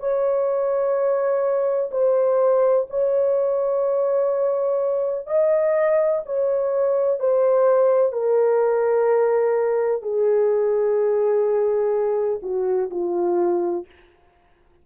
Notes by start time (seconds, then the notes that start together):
0.00 C#5
1.92 C5
2.90 C#5
5.27 D#5
6.26 C#5
7.20 C5
8.13 A#4
10.02 G#4
12.43 F#4
12.91 F4